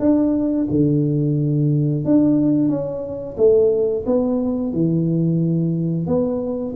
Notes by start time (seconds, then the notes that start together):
0.00 D4
0.70 D3
2.05 D4
2.69 C#4
3.37 A3
4.06 B3
4.73 E3
6.07 B3